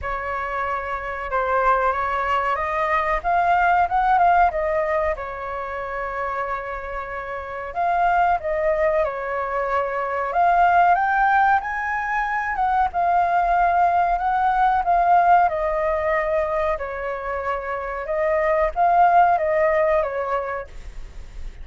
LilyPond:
\new Staff \with { instrumentName = "flute" } { \time 4/4 \tempo 4 = 93 cis''2 c''4 cis''4 | dis''4 f''4 fis''8 f''8 dis''4 | cis''1 | f''4 dis''4 cis''2 |
f''4 g''4 gis''4. fis''8 | f''2 fis''4 f''4 | dis''2 cis''2 | dis''4 f''4 dis''4 cis''4 | }